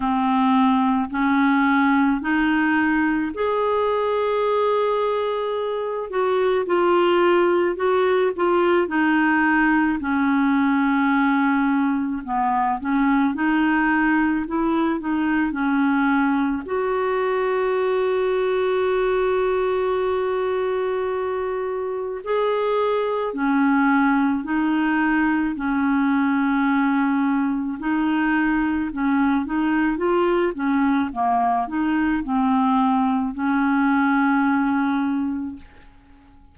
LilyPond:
\new Staff \with { instrumentName = "clarinet" } { \time 4/4 \tempo 4 = 54 c'4 cis'4 dis'4 gis'4~ | gis'4. fis'8 f'4 fis'8 f'8 | dis'4 cis'2 b8 cis'8 | dis'4 e'8 dis'8 cis'4 fis'4~ |
fis'1 | gis'4 cis'4 dis'4 cis'4~ | cis'4 dis'4 cis'8 dis'8 f'8 cis'8 | ais8 dis'8 c'4 cis'2 | }